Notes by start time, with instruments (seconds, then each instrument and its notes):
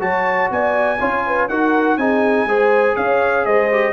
0.00 tuba F#3, trombone F#4, horn C#5, trumpet A5
0.51 tuba B3, horn D5, trumpet G#5
0.99 tuba C#4, trombone F4, horn C#5
1.27 horn B4
1.49 tuba D#4, trombone F#4, horn A#4, trumpet F#5
1.98 tuba C4, trombone D#4, horn G#4, trumpet G#5
2.45 tuba G#3, trombone G#4, horn C5
2.96 tuba C#4, horn C#5, trumpet F5
3.45 tuba G#3, horn C5, trumpet D#5
3.72 trombone G4